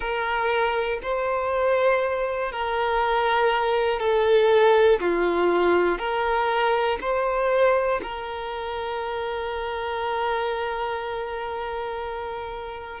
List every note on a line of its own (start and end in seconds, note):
0.00 0.99 A#4
1.02 2.52 C5
2.52 4.00 A#4
4.00 5.00 A4
5.00 5.98 F4
5.98 6.98 A#4
7.00 8.00 C5
8.02 13.00 A#4